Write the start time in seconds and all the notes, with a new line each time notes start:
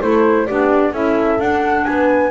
0.00 A3 E4 A4 C5
0.45 B3 D4 G4 D5
0.91 C#4 E4 A4 E5
1.39 D4 F#5
1.84 B3 B4 G#5